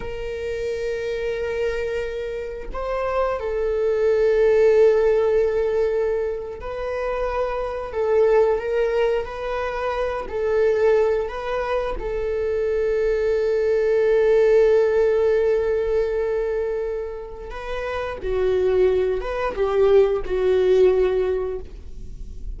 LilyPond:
\new Staff \with { instrumentName = "viola" } { \time 4/4 \tempo 4 = 89 ais'1 | c''4 a'2.~ | a'4.~ a'16 b'2 a'16~ | a'8. ais'4 b'4. a'8.~ |
a'8. b'4 a'2~ a'16~ | a'1~ | a'2 b'4 fis'4~ | fis'8 b'8 g'4 fis'2 | }